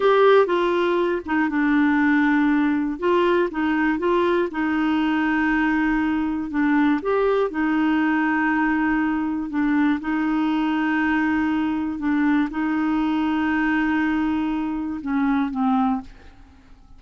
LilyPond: \new Staff \with { instrumentName = "clarinet" } { \time 4/4 \tempo 4 = 120 g'4 f'4. dis'8 d'4~ | d'2 f'4 dis'4 | f'4 dis'2.~ | dis'4 d'4 g'4 dis'4~ |
dis'2. d'4 | dis'1 | d'4 dis'2.~ | dis'2 cis'4 c'4 | }